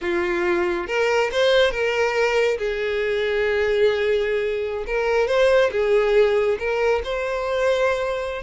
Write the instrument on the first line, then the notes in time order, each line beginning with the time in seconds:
violin
0.01 F4
0.87 A#4
1.31 C5
1.71 A#4
2.58 G#4
4.87 A#4
5.27 C5
5.71 G#4
6.59 A#4
7.04 C5